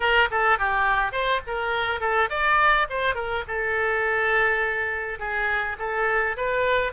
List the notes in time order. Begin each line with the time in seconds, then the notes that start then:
0.00 A#4
0.30 A4
0.58 G4
1.11 C5
1.47 A#4
2.00 A4
2.29 D5
2.89 C5
3.14 A#4
3.47 A4
5.19 G#4
5.78 A4
6.36 B4